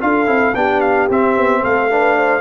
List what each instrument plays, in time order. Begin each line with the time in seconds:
0.00 tuba D4, trombone F4, horn A4, trumpet F5
0.26 tuba C4, trombone E4
0.54 tuba B3, trombone D4, horn G4, trumpet G5
0.81 trumpet F5
1.09 tuba C4, trombone C4, trumpet E5
1.36 tuba B3
1.61 tuba A3, horn A4, trumpet F5
1.90 trombone D4, horn B4
2.17 horn C5